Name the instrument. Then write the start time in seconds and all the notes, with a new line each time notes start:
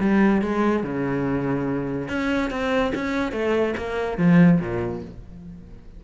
cello
0.00 G3
0.42 G#3
0.84 C#3
2.09 C#4
2.50 C4
2.95 C#4
3.32 A3
3.78 A#3
4.18 F3
4.60 A#2